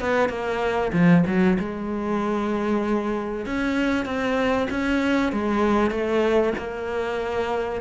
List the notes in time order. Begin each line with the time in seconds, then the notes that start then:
0.00 B3
0.29 A#3
0.92 F3
1.26 F#3
1.59 G#3
3.46 C#4
4.05 C4
4.70 C#4
5.32 G#3
5.90 A3
6.58 A#3